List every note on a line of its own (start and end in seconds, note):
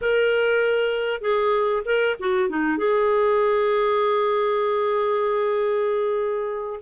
0.01 1.21 A#4
1.21 1.82 G#4
1.85 2.16 A#4
2.19 2.49 F#4
2.49 2.77 D#4
2.77 6.79 G#4